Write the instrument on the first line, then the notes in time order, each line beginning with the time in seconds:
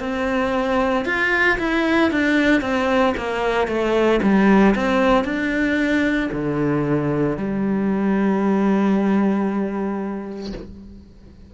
cello
0.00 C4
1.05 F4
1.58 E4
2.11 D4
2.61 C4
3.17 A#3
3.67 A3
4.22 G3
4.75 C4
5.24 D4
6.32 D3
7.37 G3